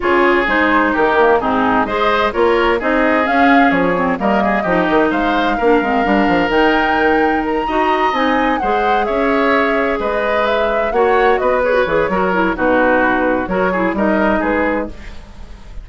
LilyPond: <<
  \new Staff \with { instrumentName = "flute" } { \time 4/4 \tempo 4 = 129 cis''4 c''4 ais'4 gis'4 | dis''4 cis''4 dis''4 f''4 | cis''4 dis''2 f''4~ | f''2 g''2 |
ais''4. gis''4 fis''4 e''8~ | e''4. dis''4 e''4 fis''8~ | fis''8 dis''8 cis''2 b'4~ | b'4 cis''4 dis''4 b'4 | }
  \new Staff \with { instrumentName = "oboe" } { \time 4/4 gis'2 g'4 dis'4 | c''4 ais'4 gis'2~ | gis'4 ais'8 gis'8 g'4 c''4 | ais'1~ |
ais'8 dis''2 c''4 cis''8~ | cis''4. b'2 cis''8~ | cis''8 b'4. ais'4 fis'4~ | fis'4 ais'8 gis'8 ais'4 gis'4 | }
  \new Staff \with { instrumentName = "clarinet" } { \time 4/4 f'4 dis'4. ais8 c'4 | gis'4 f'4 dis'4 cis'4~ | cis'8 c'8 ais4 dis'2 | d'8 c'8 d'4 dis'2~ |
dis'8 fis'4 dis'4 gis'4.~ | gis'2.~ gis'8 fis'8~ | fis'4 gis'16 fis'16 gis'8 fis'8 e'8 dis'4~ | dis'4 fis'8 e'8 dis'2 | }
  \new Staff \with { instrumentName = "bassoon" } { \time 4/4 cis4 gis4 dis4 gis,4 | gis4 ais4 c'4 cis'4 | f4 g4 f8 dis8 gis4 | ais8 gis8 g8 f8 dis2~ |
dis8 dis'4 c'4 gis4 cis'8~ | cis'4. gis2 ais8~ | ais8 b4 e8 fis4 b,4~ | b,4 fis4 g4 gis4 | }
>>